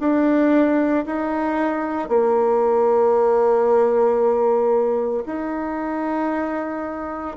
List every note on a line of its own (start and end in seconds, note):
0.00 1.05 D4
1.07 2.09 D#4
2.09 5.24 A#3
5.26 7.37 D#4